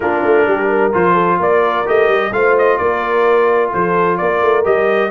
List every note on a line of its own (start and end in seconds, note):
0.00 0.23 A#3
0.00 0.92 D4
0.00 0.47 F4
0.00 0.93 A#4
0.23 0.47 A3
0.47 0.93 G3
0.47 0.69 G4
0.69 1.13 A#4
0.92 1.39 F3
0.92 1.85 F4
0.92 1.41 C5
1.13 1.37 A4
1.38 1.85 A#3
1.38 2.31 A#4
1.38 1.87 D5
1.85 2.08 A3
1.85 2.32 G4
1.85 2.32 D#5
2.08 2.31 G3
2.31 2.78 A3
2.31 4.64 F4
2.31 2.78 C5
2.31 2.56 F5
2.58 2.77 D#5
2.77 3.73 A#3
2.77 3.71 A#4
2.77 3.70 D5
3.73 4.20 F3
3.73 4.18 A4
3.73 4.17 C5
4.17 4.41 A#3
4.17 5.11 A#4
4.17 4.63 D5
4.41 4.64 A3
4.64 5.11 G3
4.64 5.10 G4
4.64 5.11 D#5